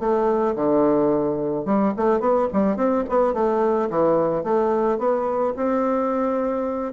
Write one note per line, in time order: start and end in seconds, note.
0.00 0.56 A3
0.56 1.66 D3
1.66 1.94 G3
1.97 2.20 A3
2.20 2.48 B3
2.54 2.77 G3
2.77 3.05 C4
3.10 3.34 B3
3.34 3.90 A3
3.91 4.44 E3
4.44 4.99 A3
4.99 5.54 B3
5.57 6.94 C4